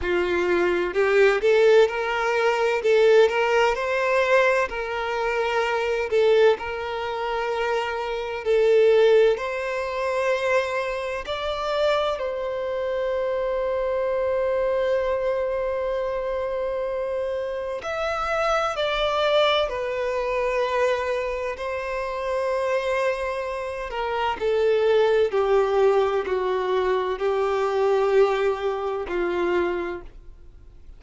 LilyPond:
\new Staff \with { instrumentName = "violin" } { \time 4/4 \tempo 4 = 64 f'4 g'8 a'8 ais'4 a'8 ais'8 | c''4 ais'4. a'8 ais'4~ | ais'4 a'4 c''2 | d''4 c''2.~ |
c''2. e''4 | d''4 b'2 c''4~ | c''4. ais'8 a'4 g'4 | fis'4 g'2 f'4 | }